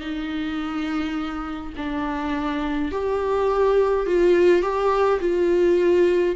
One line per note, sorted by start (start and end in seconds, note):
0.00 1.73 D#4
1.77 2.91 D4
2.91 4.06 G4
4.06 4.62 F4
4.62 5.20 G4
5.20 6.35 F4